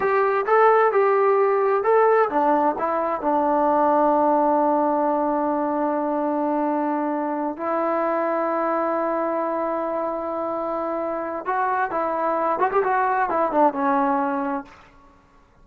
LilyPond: \new Staff \with { instrumentName = "trombone" } { \time 4/4 \tempo 4 = 131 g'4 a'4 g'2 | a'4 d'4 e'4 d'4~ | d'1~ | d'1~ |
d'8 e'2.~ e'8~ | e'1~ | e'4 fis'4 e'4. fis'16 g'16 | fis'4 e'8 d'8 cis'2 | }